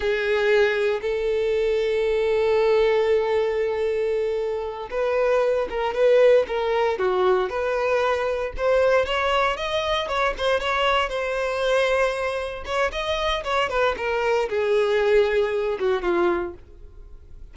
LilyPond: \new Staff \with { instrumentName = "violin" } { \time 4/4 \tempo 4 = 116 gis'2 a'2~ | a'1~ | a'4. b'4. ais'8 b'8~ | b'8 ais'4 fis'4 b'4.~ |
b'8 c''4 cis''4 dis''4 cis''8 | c''8 cis''4 c''2~ c''8~ | c''8 cis''8 dis''4 cis''8 b'8 ais'4 | gis'2~ gis'8 fis'8 f'4 | }